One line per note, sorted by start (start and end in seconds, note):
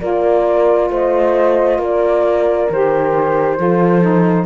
0.00 0.90 A#3
0.00 2.69 F4
0.00 0.90 A#4
0.00 0.90 D5
0.90 1.79 A3
0.90 1.79 C5
0.90 1.82 D#5
1.79 2.68 A#3
1.79 3.58 A#4
1.79 2.72 D5
2.70 3.59 D#3
2.70 3.57 G4
2.70 4.46 C5
3.57 4.46 F3
3.57 4.01 F4
3.57 4.46 A4
4.01 4.46 D#4